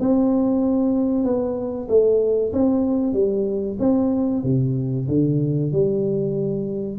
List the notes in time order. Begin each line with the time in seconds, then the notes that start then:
0.00 C4
1.24 B3
1.88 A3
2.53 C4
3.13 G3
3.79 C4
4.43 C3
5.08 D3
5.72 G3